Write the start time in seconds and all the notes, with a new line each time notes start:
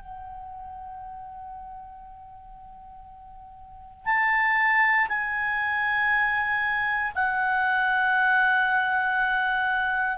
0.00 F#5
4.06 A5
5.09 G#5
7.16 F#5